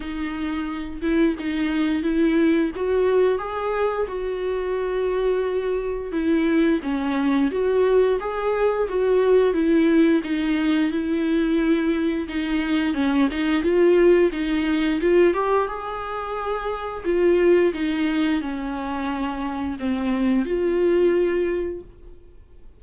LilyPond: \new Staff \with { instrumentName = "viola" } { \time 4/4 \tempo 4 = 88 dis'4. e'8 dis'4 e'4 | fis'4 gis'4 fis'2~ | fis'4 e'4 cis'4 fis'4 | gis'4 fis'4 e'4 dis'4 |
e'2 dis'4 cis'8 dis'8 | f'4 dis'4 f'8 g'8 gis'4~ | gis'4 f'4 dis'4 cis'4~ | cis'4 c'4 f'2 | }